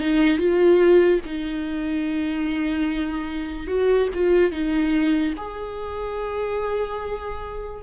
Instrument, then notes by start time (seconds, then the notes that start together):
viola
0.00 D#4
0.38 F4
1.25 D#4
3.67 F#4
4.14 F4
4.51 D#4
5.37 G#4